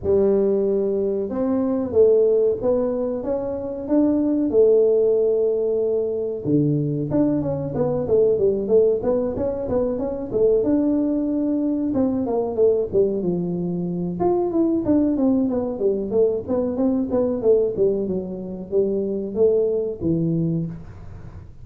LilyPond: \new Staff \with { instrumentName = "tuba" } { \time 4/4 \tempo 4 = 93 g2 c'4 a4 | b4 cis'4 d'4 a4~ | a2 d4 d'8 cis'8 | b8 a8 g8 a8 b8 cis'8 b8 cis'8 |
a8 d'2 c'8 ais8 a8 | g8 f4. f'8 e'8 d'8 c'8 | b8 g8 a8 b8 c'8 b8 a8 g8 | fis4 g4 a4 e4 | }